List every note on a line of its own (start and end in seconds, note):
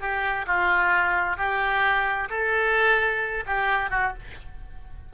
0.00 0.46 G4
0.47 1.37 F4
1.37 2.29 G4
2.30 3.44 A4
3.46 3.90 G4
3.90 4.13 F#4